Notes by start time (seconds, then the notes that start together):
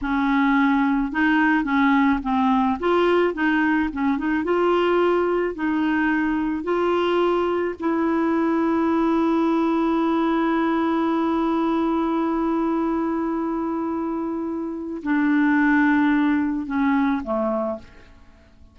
0.01 C#4
1.12 D#4
1.64 C#4
2.22 C4
2.79 F4
3.34 D#4
3.92 C#4
4.18 D#4
4.43 F4
5.54 D#4
6.63 F4
7.79 E4
15.03 D4
16.66 C#4
17.23 A3